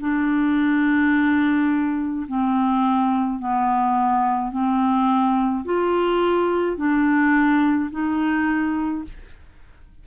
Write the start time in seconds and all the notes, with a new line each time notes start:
0.00 D4
2.27 C4
3.39 B3
4.51 C4
5.65 F4
6.77 D4
7.91 D#4